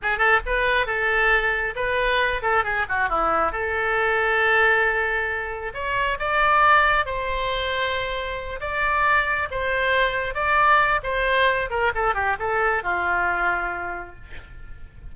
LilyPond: \new Staff \with { instrumentName = "oboe" } { \time 4/4 \tempo 4 = 136 gis'8 a'8 b'4 a'2 | b'4. a'8 gis'8 fis'8 e'4 | a'1~ | a'4 cis''4 d''2 |
c''2.~ c''8 d''8~ | d''4. c''2 d''8~ | d''4 c''4. ais'8 a'8 g'8 | a'4 f'2. | }